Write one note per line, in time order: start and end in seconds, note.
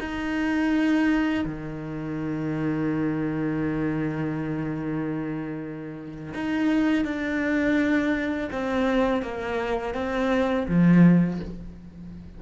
0.00 1.45 D#4
1.45 6.33 D#3
6.34 7.05 D#4
7.05 8.49 D4
8.52 9.22 C4
9.22 9.94 A#3
9.94 10.66 C4
10.68 11.40 F3